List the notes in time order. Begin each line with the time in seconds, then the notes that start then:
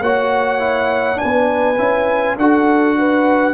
0.00 A#3 F#4 C#5 F#5
0.59 E4
1.15 D4 B4 G#5
1.23 B3
1.78 C#4 E4
2.37 D4 F#4 A4 F#5
2.98 B4